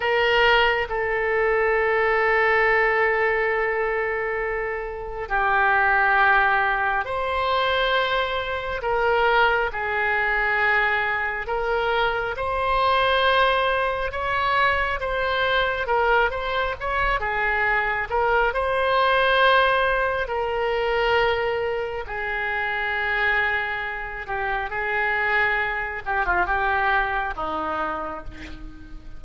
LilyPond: \new Staff \with { instrumentName = "oboe" } { \time 4/4 \tempo 4 = 68 ais'4 a'2.~ | a'2 g'2 | c''2 ais'4 gis'4~ | gis'4 ais'4 c''2 |
cis''4 c''4 ais'8 c''8 cis''8 gis'8~ | gis'8 ais'8 c''2 ais'4~ | ais'4 gis'2~ gis'8 g'8 | gis'4. g'16 f'16 g'4 dis'4 | }